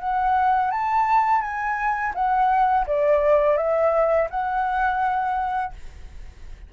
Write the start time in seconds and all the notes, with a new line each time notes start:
0.00 F#5
0.71 A5
1.42 G#5
2.15 F#5
2.87 D5
3.57 E5
4.31 F#5